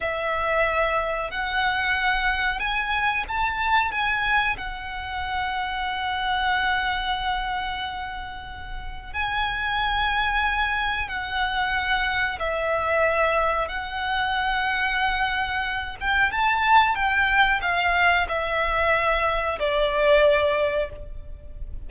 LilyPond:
\new Staff \with { instrumentName = "violin" } { \time 4/4 \tempo 4 = 92 e''2 fis''2 | gis''4 a''4 gis''4 fis''4~ | fis''1~ | fis''2 gis''2~ |
gis''4 fis''2 e''4~ | e''4 fis''2.~ | fis''8 g''8 a''4 g''4 f''4 | e''2 d''2 | }